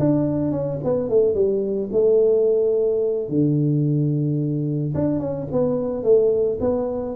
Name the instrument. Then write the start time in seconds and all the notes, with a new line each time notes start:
tuba
0.00 D4
0.52 C#4
0.84 B3
1.10 A3
1.35 G3
1.93 A3
3.29 D3
4.95 D4
5.20 C#4
5.52 B3
6.04 A3
6.61 B3